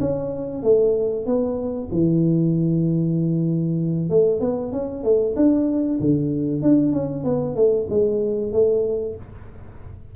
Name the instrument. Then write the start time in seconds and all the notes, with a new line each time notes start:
tuba
0.00 C#4
0.63 A3
1.26 B3
1.91 E3
4.09 A3
4.40 B3
4.72 C#4
5.04 A3
5.36 D4
6.00 D3
6.62 D4
6.92 C#4
7.24 B3
7.56 A3
7.89 G#3
8.52 A3